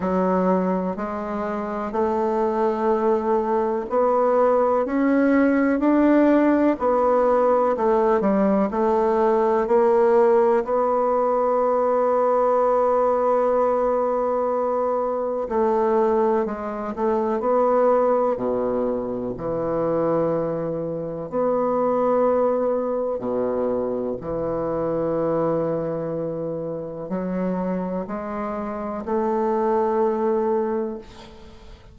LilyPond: \new Staff \with { instrumentName = "bassoon" } { \time 4/4 \tempo 4 = 62 fis4 gis4 a2 | b4 cis'4 d'4 b4 | a8 g8 a4 ais4 b4~ | b1 |
a4 gis8 a8 b4 b,4 | e2 b2 | b,4 e2. | fis4 gis4 a2 | }